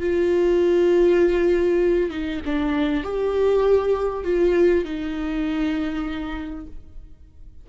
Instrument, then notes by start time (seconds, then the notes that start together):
viola
0.00 F4
2.10 D#4
2.45 D4
3.03 G4
4.24 F4
4.85 D#4